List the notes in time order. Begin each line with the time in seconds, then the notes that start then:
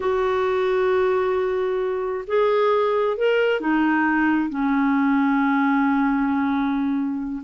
0.00 F#4
2.27 G#4
3.17 A#4
3.60 D#4
4.49 C#4